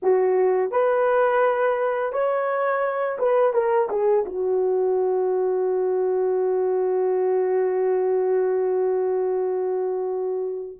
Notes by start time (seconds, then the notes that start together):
0.02 F#4
0.71 B4
2.12 C#5
3.19 B4
3.53 A#4
3.89 G#4
4.25 F#4